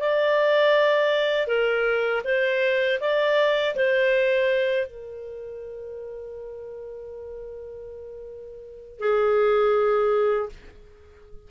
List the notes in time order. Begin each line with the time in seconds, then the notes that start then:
0.00 D5
1.47 A#4
2.25 C5
3.01 D5
3.76 C5
4.87 A#4
8.99 G#4